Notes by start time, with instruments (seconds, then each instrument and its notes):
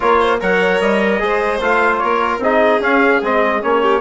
0.00 bassoon A#3, trombone F4, violin A#4, trumpet C#5
0.20 violin C5
0.40 bassoon F#3, trombone A#4, violin C#5, trumpet F#5
0.80 bassoon G3, trumpet D#5
1.19 bassoon G#3, trombone G#4, violin C5
1.60 bassoon A3, trombone F4, trumpet F5
1.98 bassoon A#3, violin A#4, trumpet C#5
2.38 bassoon C4, trombone D#4, violin G#4, trumpet D#5
2.79 bassoon C#4, trombone C#4, trumpet F5
3.22 bassoon G#3, trombone C4, trumpet D#5
3.61 bassoon A#3, trombone C#4, trumpet C#5
3.81 violin G4